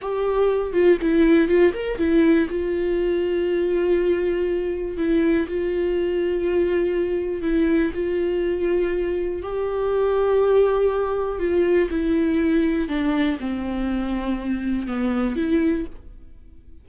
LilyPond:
\new Staff \with { instrumentName = "viola" } { \time 4/4 \tempo 4 = 121 g'4. f'8 e'4 f'8 ais'8 | e'4 f'2.~ | f'2 e'4 f'4~ | f'2. e'4 |
f'2. g'4~ | g'2. f'4 | e'2 d'4 c'4~ | c'2 b4 e'4 | }